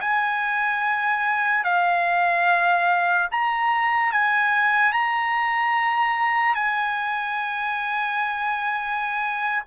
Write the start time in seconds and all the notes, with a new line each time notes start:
0.00 G#5
1.64 F5
3.31 A#5
4.12 G#5
4.92 A#5
6.54 G#5